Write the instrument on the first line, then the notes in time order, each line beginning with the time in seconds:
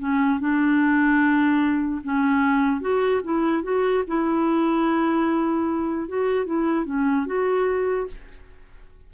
clarinet
0.00 C#4
0.40 D4
2.04 C#4
2.81 F#4
3.24 E4
3.64 F#4
4.08 E4
6.09 F#4
6.46 E4
6.86 C#4
7.27 F#4